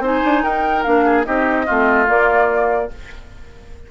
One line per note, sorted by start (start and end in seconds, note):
0.00 0.21 C4
0.00 0.85 D#4
0.00 0.43 C5
0.06 0.44 G#5
0.25 0.44 D4
0.43 0.85 D#4
0.43 1.05 A#4
0.43 0.83 G5
0.83 1.27 A#3
0.83 1.25 D4
0.83 1.25 F5
1.06 1.26 G#4
1.25 1.68 C4
1.25 1.66 D#4
1.25 1.66 G4
1.25 2.08 D#5
1.66 2.09 A3
1.66 2.06 C4
1.66 2.90 F4
2.06 2.89 A#3
2.06 2.91 A#3
2.06 2.91 D5